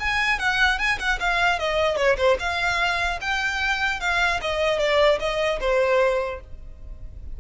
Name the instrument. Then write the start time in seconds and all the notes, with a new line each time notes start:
violin
0.00 G#5
0.39 F#5
0.79 G#5
0.99 F#5
1.20 F5
1.59 D#5
1.97 C#5
2.18 C5
2.39 F5
3.21 G5
4.01 F5
4.42 D#5
4.79 D5
5.20 D#5
5.61 C5